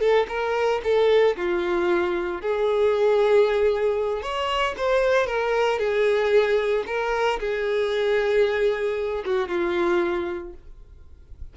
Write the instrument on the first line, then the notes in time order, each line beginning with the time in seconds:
violin
0.00 A4
0.28 A#4
0.83 A4
1.37 F4
2.41 G#4
4.22 C#5
4.77 C5
5.27 A#4
5.79 G#4
6.87 A#4
7.40 G#4
9.25 F#4
9.48 F4